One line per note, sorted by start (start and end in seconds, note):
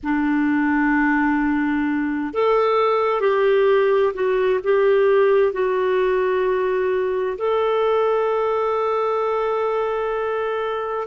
0.03 2.33 D4
2.33 3.21 A4
3.21 4.13 G4
4.13 4.59 F#4
4.63 5.53 G4
5.53 7.37 F#4
7.38 11.07 A4